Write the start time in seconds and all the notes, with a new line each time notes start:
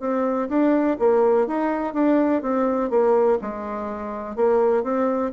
0.00 C4
0.49 D4
0.99 A#3
1.47 D#4
1.94 D4
2.42 C4
2.90 A#3
3.42 G#3
4.36 A#3
4.83 C4